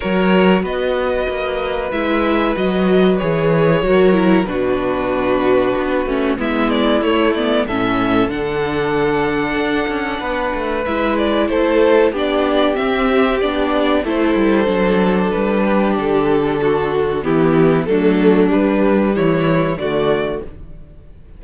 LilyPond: <<
  \new Staff \with { instrumentName = "violin" } { \time 4/4 \tempo 4 = 94 cis''4 dis''2 e''4 | dis''4 cis''2 b'4~ | b'2 e''8 d''8 cis''8 d''8 | e''4 fis''2.~ |
fis''4 e''8 d''8 c''4 d''4 | e''4 d''4 c''2 | b'4 a'2 g'4 | a'4 b'4 cis''4 d''4 | }
  \new Staff \with { instrumentName = "violin" } { \time 4/4 ais'4 b'2.~ | b'2 ais'4 fis'4~ | fis'2 e'2 | a'1 |
b'2 a'4 g'4~ | g'2 a'2~ | a'8 g'4. fis'4 e'4 | d'2 e'4 fis'4 | }
  \new Staff \with { instrumentName = "viola" } { \time 4/4 fis'2. e'4 | fis'4 gis'4 fis'8 e'8 d'4~ | d'4. cis'8 b4 a8 b8 | cis'4 d'2.~ |
d'4 e'2 d'4 | c'4 d'4 e'4 d'4~ | d'2. b4 | a4 g2 a4 | }
  \new Staff \with { instrumentName = "cello" } { \time 4/4 fis4 b4 ais4 gis4 | fis4 e4 fis4 b,4~ | b,4 b8 a8 gis4 a4 | a,4 d2 d'8 cis'8 |
b8 a8 gis4 a4 b4 | c'4 b4 a8 g8 fis4 | g4 d2 e4 | fis4 g4 e4 d4 | }
>>